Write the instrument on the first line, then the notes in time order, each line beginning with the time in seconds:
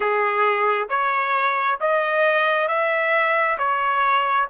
trumpet
0.00 G#4
0.89 C#5
1.80 D#5
2.68 E5
3.58 C#5